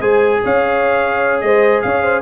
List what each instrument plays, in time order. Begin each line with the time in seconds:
0.00 tuba G#3, trombone G#4, horn C5, trumpet G#5
0.44 tuba C#4, horn C#5, trumpet F5
1.41 tuba G#3, horn C5, trumpet D#5
1.82 tuba C#4, horn C#5, trumpet F5
2.03 horn C5